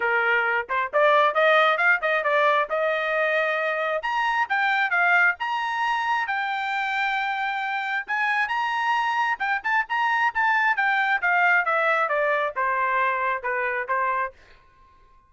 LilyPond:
\new Staff \with { instrumentName = "trumpet" } { \time 4/4 \tempo 4 = 134 ais'4. c''8 d''4 dis''4 | f''8 dis''8 d''4 dis''2~ | dis''4 ais''4 g''4 f''4 | ais''2 g''2~ |
g''2 gis''4 ais''4~ | ais''4 g''8 a''8 ais''4 a''4 | g''4 f''4 e''4 d''4 | c''2 b'4 c''4 | }